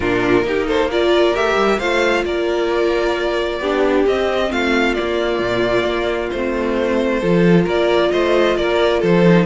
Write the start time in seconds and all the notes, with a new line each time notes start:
0.00 A#2 D4 F4 A#4
0.42 A#3 D#4 G4
0.66 A4 C5
0.90 F4 A#4 D5
1.34 A3 G4 E5
1.55 G3
1.78 A3 F4 C5 F5
2.24 A#3 A#4 D5
3.59 B3 D4 G4
4.06 C4 D#5
4.50 A3 F4 F5
4.94 A#3 D5
5.39 A#2
5.84 A#3
6.30 A3 C5
6.36 C4
7.19 F3 F4 A4
7.64 A#3 A#4 D5
8.12 A3 C5 D#5
8.56 A#3 A#4 D5
9.00 F3 A4 C5
9.24 D#4